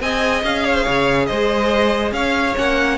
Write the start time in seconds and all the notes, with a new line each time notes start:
0.00 C4 G#4 D#5 G#5
0.43 C#4 F5
0.65 C#5
0.74 C5
0.83 C#3 C#5
1.26 G#3 C5 D#5
2.11 C#4 C#5 F5
2.56 A#3 C#4 F#5